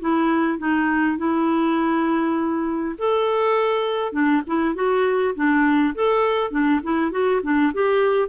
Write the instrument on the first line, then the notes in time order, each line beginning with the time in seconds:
clarinet
0.00 E4
0.58 D#4
1.17 E4
2.98 A4
4.12 D4
4.47 E4
4.74 F#4
5.35 D4
5.95 A4
6.50 D4
6.83 E4
7.11 F#4
7.43 D4
7.73 G4